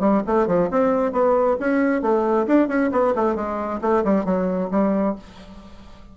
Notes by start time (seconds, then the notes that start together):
0.00 G3
0.27 A3
0.47 F3
0.71 C4
1.12 B3
1.60 C#4
2.02 A3
2.47 D4
2.68 C#4
2.92 B3
3.15 A3
3.35 G#3
3.81 A3
4.04 G3
4.25 F#3
4.71 G3